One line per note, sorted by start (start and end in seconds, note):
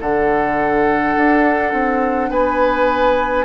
0.00 1.15 D3
0.00 3.45 D4
0.00 2.30 A4
0.00 2.31 F#5
1.16 1.73 D4
1.73 2.29 C4
2.29 3.45 B3
2.29 3.45 B4
2.29 3.45 G#5